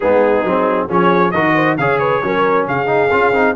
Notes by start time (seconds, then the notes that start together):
0.00 G#3 B3 D#4 G#4
0.44 F#3 C4
0.87 F3 C#4 G#4 C#5
1.31 D#3 F#4 A#4 D#5
1.54 C5
1.77 C#3 G#4 C#5 F5
1.99 B4 C#5
2.23 F#3 C#4 A#4
2.67 C#3 G#4 F5
2.86 D#4
3.11 C#4 F4
3.32 C4 D#4